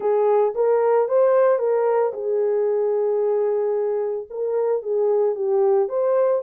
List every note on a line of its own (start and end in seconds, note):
0.00 0.54 G#4
0.54 1.08 A#4
1.08 1.59 C5
1.59 2.12 A#4
2.13 4.27 G#4
4.30 4.82 A#4
4.82 5.35 G#4
5.35 5.88 G4
5.88 6.42 C5